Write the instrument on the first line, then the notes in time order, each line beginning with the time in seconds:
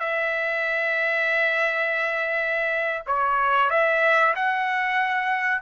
trumpet
0.00 E5
3.07 C#5
3.71 E5
4.36 F#5